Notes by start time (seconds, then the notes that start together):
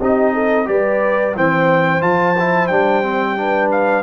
0.00 C4 D#4 G4 D#5
0.34 A4
0.65 G3 G4 B4 D5
1.35 E3 C4 C5 G5
2.00 F3 F4 A5
2.39 E4
2.67 G3 D4 G5
3.03 C4
3.36 D4 B4
3.71 F5